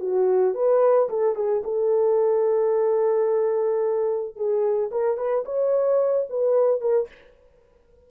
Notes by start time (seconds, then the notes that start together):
0.00 F#4
0.55 B4
1.09 A4
1.35 G#4
1.64 A4
4.36 G#4
4.91 A#4
5.17 B4
5.45 C#5
6.30 B4
6.81 A#4